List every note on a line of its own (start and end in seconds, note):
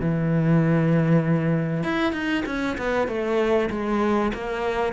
0.00 1.83 E3
1.83 2.13 E4
2.13 2.43 D#4
2.46 2.77 C#4
2.78 3.08 B3
3.08 3.69 A3
3.70 4.32 G#3
4.34 4.93 A#3